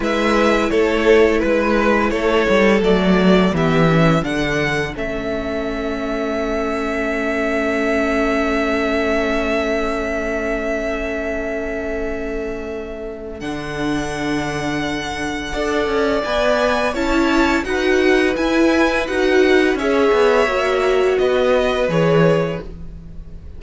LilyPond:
<<
  \new Staff \with { instrumentName = "violin" } { \time 4/4 \tempo 4 = 85 e''4 cis''4 b'4 cis''4 | d''4 e''4 fis''4 e''4~ | e''1~ | e''1~ |
e''2. fis''4~ | fis''2. gis''4 | a''4 fis''4 gis''4 fis''4 | e''2 dis''4 cis''4 | }
  \new Staff \with { instrumentName = "violin" } { \time 4/4 b'4 a'4 b'4 a'4~ | a'4 g'4 a'2~ | a'1~ | a'1~ |
a'1~ | a'2 d''2 | cis''4 b'2. | cis''2 b'2 | }
  \new Staff \with { instrumentName = "viola" } { \time 4/4 e'1 | a4 b8 cis'8 d'4 cis'4~ | cis'1~ | cis'1~ |
cis'2. d'4~ | d'2 a'4 b'4 | e'4 fis'4 e'4 fis'4 | gis'4 fis'2 gis'4 | }
  \new Staff \with { instrumentName = "cello" } { \time 4/4 gis4 a4 gis4 a8 g8 | fis4 e4 d4 a4~ | a1~ | a1~ |
a2. d4~ | d2 d'8 cis'8 b4 | cis'4 dis'4 e'4 dis'4 | cis'8 b8 ais4 b4 e4 | }
>>